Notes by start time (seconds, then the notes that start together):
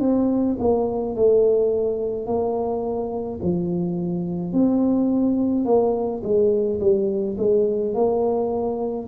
0.00 C4
0.60 A#3
1.16 A3
2.27 A#3
3.43 F3
4.53 C4
5.66 A#3
6.24 G#3
6.81 G3
7.38 G#3
7.95 A#3